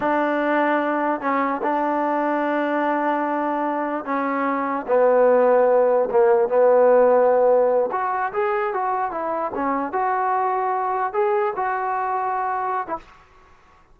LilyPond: \new Staff \with { instrumentName = "trombone" } { \time 4/4 \tempo 4 = 148 d'2. cis'4 | d'1~ | d'2 cis'2 | b2. ais4 |
b2.~ b8 fis'8~ | fis'8 gis'4 fis'4 e'4 cis'8~ | cis'8 fis'2. gis'8~ | gis'8 fis'2.~ fis'16 e'16 | }